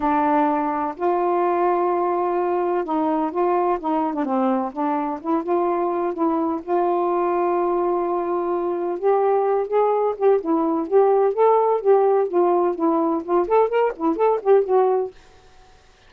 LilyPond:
\new Staff \with { instrumentName = "saxophone" } { \time 4/4 \tempo 4 = 127 d'2 f'2~ | f'2 dis'4 f'4 | dis'8. d'16 c'4 d'4 e'8 f'8~ | f'4 e'4 f'2~ |
f'2. g'4~ | g'8 gis'4 g'8 e'4 g'4 | a'4 g'4 f'4 e'4 | f'8 a'8 ais'8 e'8 a'8 g'8 fis'4 | }